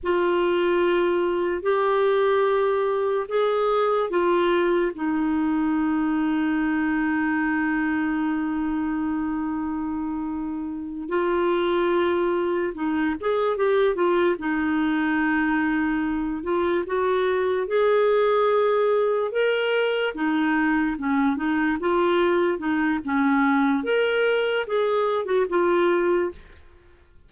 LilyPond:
\new Staff \with { instrumentName = "clarinet" } { \time 4/4 \tempo 4 = 73 f'2 g'2 | gis'4 f'4 dis'2~ | dis'1~ | dis'4. f'2 dis'8 |
gis'8 g'8 f'8 dis'2~ dis'8 | f'8 fis'4 gis'2 ais'8~ | ais'8 dis'4 cis'8 dis'8 f'4 dis'8 | cis'4 ais'4 gis'8. fis'16 f'4 | }